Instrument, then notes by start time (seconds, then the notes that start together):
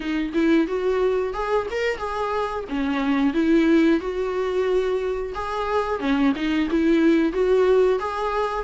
viola
0.00 D#4
0.33 E4
0.67 F#4
1.33 G#4
1.70 A#4
1.97 G#4
2.68 C#4
3.33 E4
4.00 F#4
5.34 G#4
5.99 C#4
6.35 D#4
6.70 E4
7.32 F#4
7.99 G#4